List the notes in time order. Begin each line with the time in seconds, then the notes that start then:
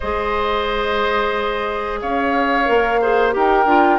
0.00 G#3 G#4 C5 D#5
2.01 C#4 C#5 F5
2.65 A#3 A#4
3.01 G#4 C5
3.31 D#4 G4 A#4 G5
3.65 D4 F4